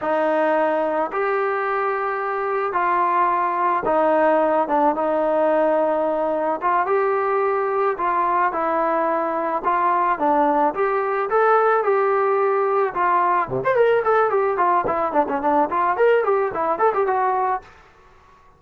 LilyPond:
\new Staff \with { instrumentName = "trombone" } { \time 4/4 \tempo 4 = 109 dis'2 g'2~ | g'4 f'2 dis'4~ | dis'8 d'8 dis'2. | f'8 g'2 f'4 e'8~ |
e'4. f'4 d'4 g'8~ | g'8 a'4 g'2 f'8~ | f'8 c16 c''16 ais'8 a'8 g'8 f'8 e'8 d'16 cis'16 | d'8 f'8 ais'8 g'8 e'8 a'16 g'16 fis'4 | }